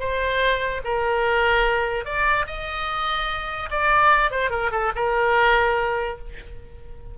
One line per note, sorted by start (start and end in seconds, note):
0.00 0.82 C5
0.84 2.05 A#4
2.05 2.46 D5
2.47 3.69 D#5
3.71 4.31 D5
4.31 4.50 C5
4.50 4.71 A#4
4.72 4.92 A4
4.96 6.18 A#4